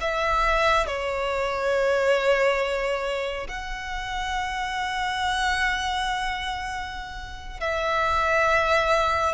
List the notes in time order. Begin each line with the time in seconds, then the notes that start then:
0.00 E5
0.86 C#5
3.48 F#5
7.60 E5